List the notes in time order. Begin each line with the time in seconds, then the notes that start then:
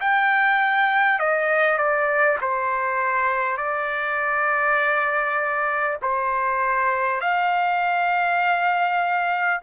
0.00 G5
1.19 D#5
1.78 D5
2.41 C5
3.57 D5
6.02 C5
7.20 F5